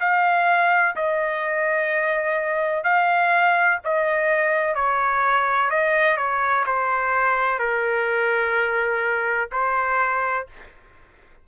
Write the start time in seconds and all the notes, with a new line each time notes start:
0.00 F5
0.96 D#5
2.84 F5
3.84 D#5
4.75 C#5
5.70 D#5
6.17 C#5
6.66 C5
7.59 A#4
9.52 C5